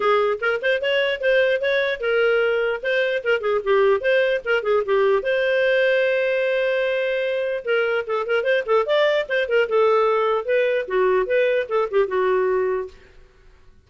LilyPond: \new Staff \with { instrumentName = "clarinet" } { \time 4/4 \tempo 4 = 149 gis'4 ais'8 c''8 cis''4 c''4 | cis''4 ais'2 c''4 | ais'8 gis'8 g'4 c''4 ais'8 gis'8 | g'4 c''2.~ |
c''2. ais'4 | a'8 ais'8 c''8 a'8 d''4 c''8 ais'8 | a'2 b'4 fis'4 | b'4 a'8 g'8 fis'2 | }